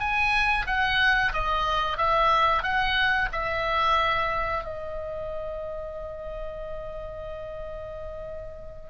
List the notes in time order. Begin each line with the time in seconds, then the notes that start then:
0.00 G#5
0.67 F#5
1.33 D#5
1.98 E5
2.63 F#5
3.33 E5
4.65 D#5